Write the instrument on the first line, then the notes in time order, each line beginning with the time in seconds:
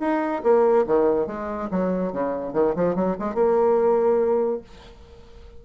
bassoon
0.00 D#4
0.43 A#3
0.87 D#3
1.27 G#3
1.71 F#3
2.12 C#3
2.53 D#3
2.75 F3
2.95 F#3
3.19 G#3
3.34 A#3